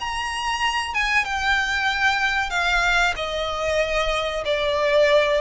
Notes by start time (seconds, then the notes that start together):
0.00 A#5
0.94 G#5
1.25 G5
2.50 F5
3.16 D#5
4.45 D5